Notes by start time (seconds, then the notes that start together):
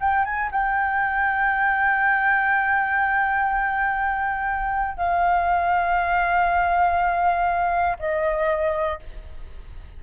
0.00 G5
0.25 G#5
0.51 G5
4.97 F5
7.99 D#5